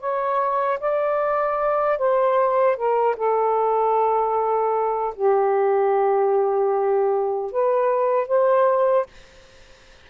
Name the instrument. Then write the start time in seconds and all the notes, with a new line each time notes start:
saxophone
0.00 C#5
0.80 D5
1.99 C5
2.77 A#4
3.17 A4
5.15 G4
7.52 B4
8.28 C5